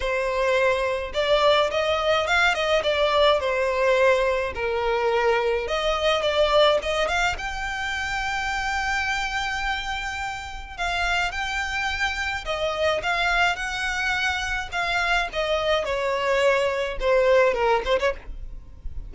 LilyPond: \new Staff \with { instrumentName = "violin" } { \time 4/4 \tempo 4 = 106 c''2 d''4 dis''4 | f''8 dis''8 d''4 c''2 | ais'2 dis''4 d''4 | dis''8 f''8 g''2.~ |
g''2. f''4 | g''2 dis''4 f''4 | fis''2 f''4 dis''4 | cis''2 c''4 ais'8 c''16 cis''16 | }